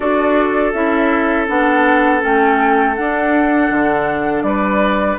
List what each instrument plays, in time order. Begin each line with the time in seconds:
0.00 bassoon D4, clarinet F#4, oboe A4, flute D5
0.73 bassoon C#4, clarinet E4, flute E5
1.47 bassoon B3, clarinet D4, flute F#5
2.20 bassoon A3, clarinet C#4, flute G5
2.95 bassoon D4, clarinet D4, flute F#5
3.70 bassoon D3
4.42 bassoon G3, oboe B4, flute D5